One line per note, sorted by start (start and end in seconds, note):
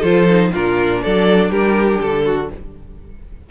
0.00 0.52 F3
0.00 0.29 F4
0.00 0.49 A4
0.00 0.53 C5
0.29 0.53 D#4
0.52 1.05 A#2
0.52 2.50 D4
0.52 1.02 F4
0.52 1.03 A#4
1.03 1.51 F#3
1.03 1.51 A4
1.03 1.52 D5
1.51 2.00 G3
1.51 2.25 G4
1.51 2.01 A#4
2.01 2.51 D3
2.01 2.51 A4
2.26 2.50 F#4